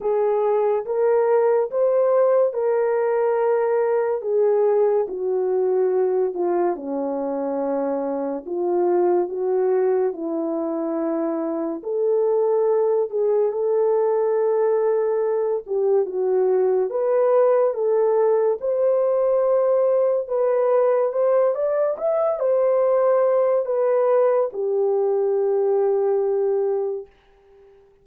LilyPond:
\new Staff \with { instrumentName = "horn" } { \time 4/4 \tempo 4 = 71 gis'4 ais'4 c''4 ais'4~ | ais'4 gis'4 fis'4. f'8 | cis'2 f'4 fis'4 | e'2 a'4. gis'8 |
a'2~ a'8 g'8 fis'4 | b'4 a'4 c''2 | b'4 c''8 d''8 e''8 c''4. | b'4 g'2. | }